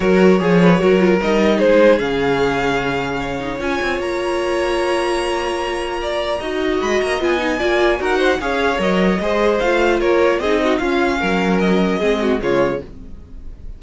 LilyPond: <<
  \new Staff \with { instrumentName = "violin" } { \time 4/4 \tempo 4 = 150 cis''2. dis''4 | c''4 f''2.~ | f''4 gis''4 ais''2~ | ais''1~ |
ais''4 b''8 ais''8 gis''2 | fis''4 f''4 dis''2 | f''4 cis''4 dis''4 f''4~ | f''4 dis''2 cis''4 | }
  \new Staff \with { instrumentName = "violin" } { \time 4/4 ais'4 gis'8 b'8 ais'2 | gis'1 | cis''1~ | cis''2. d''4 |
dis''2. d''4 | ais'8 c''8 cis''2 c''4~ | c''4 ais'4 gis'8 fis'8 f'4 | ais'2 gis'8 fis'8 f'4 | }
  \new Staff \with { instrumentName = "viola" } { \time 4/4 fis'4 gis'4 fis'8 f'8 dis'4~ | dis'4 cis'2.~ | cis'8 dis'8 f'2.~ | f'1 |
fis'2 f'8 dis'8 f'4 | fis'4 gis'4 ais'4 gis'4 | f'2 dis'4 cis'4~ | cis'2 c'4 gis4 | }
  \new Staff \with { instrumentName = "cello" } { \time 4/4 fis4 f4 fis4 g4 | gis4 cis2.~ | cis4 cis'8 c'8 ais2~ | ais1 |
dis'4 gis8 ais8 b4 ais4 | dis'4 cis'4 fis4 gis4 | a4 ais4 c'4 cis'4 | fis2 gis4 cis4 | }
>>